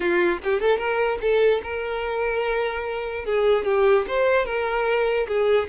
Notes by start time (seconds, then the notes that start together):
0.00 F4
0.43 G4
0.60 A4
0.78 A#4
1.21 A4
1.63 A#4
3.25 G#4
3.64 G4
4.07 C5
4.45 A#4
5.27 G#4